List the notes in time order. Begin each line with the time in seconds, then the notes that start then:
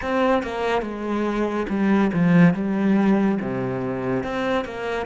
0.01 C4
0.42 A#3
0.82 G#3
1.69 G3
2.13 F3
2.54 G3
3.41 C3
4.23 C4
4.64 A#3